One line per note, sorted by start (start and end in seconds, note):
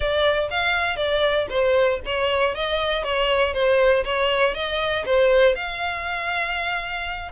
0.00 0.48 D5
0.50 0.96 F5
0.96 1.46 D5
1.49 1.99 C5
2.05 2.55 C#5
2.55 3.03 D#5
3.03 3.53 C#5
3.53 4.04 C5
4.04 4.54 C#5
4.54 5.04 D#5
5.05 5.55 C5
5.55 7.31 F5